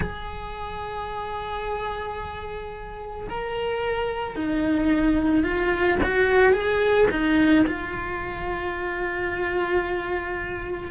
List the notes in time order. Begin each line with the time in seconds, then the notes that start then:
0.00 G#4
3.29 A#4
4.35 D#4
5.43 F4
6.03 F#4
6.52 G#4
7.10 D#4
7.67 F4